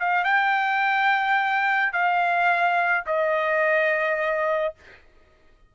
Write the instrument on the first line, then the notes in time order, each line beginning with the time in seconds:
trumpet
0.00 F5
0.24 G5
1.93 F5
3.07 D#5